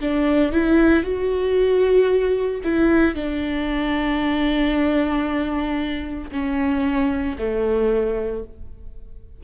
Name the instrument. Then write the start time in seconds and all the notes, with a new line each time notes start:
viola
0.00 D4
0.52 E4
1.03 F#4
2.64 E4
3.14 D4
6.32 C#4
7.38 A3